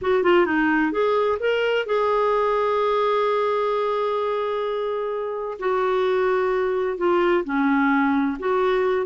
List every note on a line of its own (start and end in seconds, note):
0.01 0.23 F#4
0.23 0.46 F4
0.46 0.92 D#4
0.92 1.38 G#4
1.39 1.86 A#4
1.86 5.58 G#4
5.59 6.97 F#4
6.97 7.44 F4
7.44 8.37 C#4
8.39 9.06 F#4